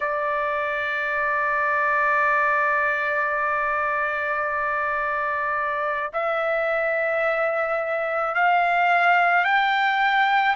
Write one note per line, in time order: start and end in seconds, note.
0.00 6.11 D5
6.13 8.34 E5
8.34 9.44 F5
9.44 10.55 G5